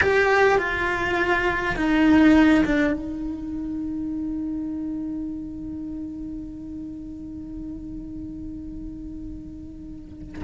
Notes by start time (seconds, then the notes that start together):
0.01 G4
0.57 F4
1.76 D#4
2.64 D4
2.92 D#4